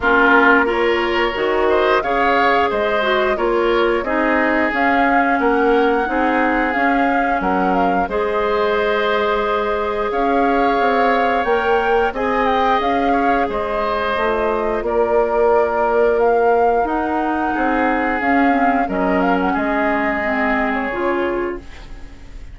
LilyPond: <<
  \new Staff \with { instrumentName = "flute" } { \time 4/4 \tempo 4 = 89 ais'4 cis''4. dis''8 f''4 | dis''4 cis''4 dis''4 f''4 | fis''2 f''4 fis''8 f''8 | dis''2. f''4~ |
f''4 g''4 gis''8 g''8 f''4 | dis''2 d''2 | f''4 fis''2 f''4 | dis''8 f''16 fis''16 dis''4.~ dis''16 cis''4~ cis''16 | }
  \new Staff \with { instrumentName = "oboe" } { \time 4/4 f'4 ais'4. c''8 cis''4 | c''4 ais'4 gis'2 | ais'4 gis'2 ais'4 | c''2. cis''4~ |
cis''2 dis''4. cis''8 | c''2 ais'2~ | ais'2 gis'2 | ais'4 gis'2. | }
  \new Staff \with { instrumentName = "clarinet" } { \time 4/4 cis'4 f'4 fis'4 gis'4~ | gis'8 fis'8 f'4 dis'4 cis'4~ | cis'4 dis'4 cis'2 | gis'1~ |
gis'4 ais'4 gis'2~ | gis'4 f'2.~ | f'4 dis'2 cis'8 c'8 | cis'2 c'4 f'4 | }
  \new Staff \with { instrumentName = "bassoon" } { \time 4/4 ais2 dis4 cis4 | gis4 ais4 c'4 cis'4 | ais4 c'4 cis'4 fis4 | gis2. cis'4 |
c'4 ais4 c'4 cis'4 | gis4 a4 ais2~ | ais4 dis'4 c'4 cis'4 | fis4 gis2 cis4 | }
>>